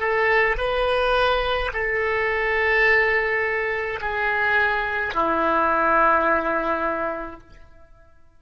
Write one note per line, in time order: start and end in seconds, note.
0.00 0.57 A4
0.58 1.71 B4
1.73 4.00 A4
4.02 5.15 G#4
5.15 7.41 E4